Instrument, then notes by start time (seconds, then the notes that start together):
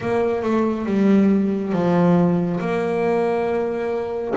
double bass
0.00 A#3
0.42 A3
0.85 G3
1.72 F3
2.60 A#3